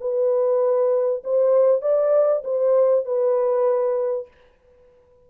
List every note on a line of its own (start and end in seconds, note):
0.00 1.22 B4
1.24 1.81 C5
1.81 2.42 D5
2.44 3.05 C5
3.05 4.27 B4